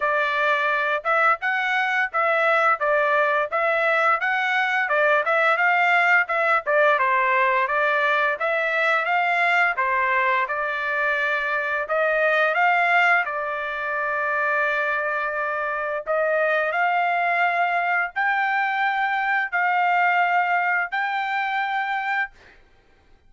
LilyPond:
\new Staff \with { instrumentName = "trumpet" } { \time 4/4 \tempo 4 = 86 d''4. e''8 fis''4 e''4 | d''4 e''4 fis''4 d''8 e''8 | f''4 e''8 d''8 c''4 d''4 | e''4 f''4 c''4 d''4~ |
d''4 dis''4 f''4 d''4~ | d''2. dis''4 | f''2 g''2 | f''2 g''2 | }